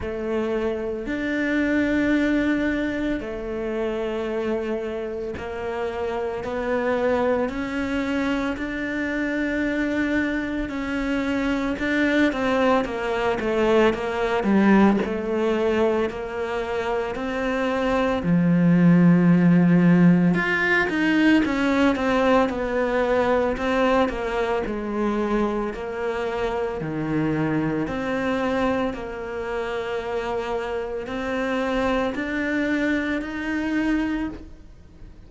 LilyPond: \new Staff \with { instrumentName = "cello" } { \time 4/4 \tempo 4 = 56 a4 d'2 a4~ | a4 ais4 b4 cis'4 | d'2 cis'4 d'8 c'8 | ais8 a8 ais8 g8 a4 ais4 |
c'4 f2 f'8 dis'8 | cis'8 c'8 b4 c'8 ais8 gis4 | ais4 dis4 c'4 ais4~ | ais4 c'4 d'4 dis'4 | }